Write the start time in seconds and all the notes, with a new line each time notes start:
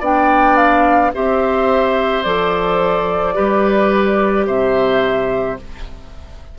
0.00 B3 D4 D5 G5
0.57 F5
1.14 C4 G4 C5 E5
2.23 F3 A4 D5
3.34 G3 G4 B4
4.47 C3 C5 E5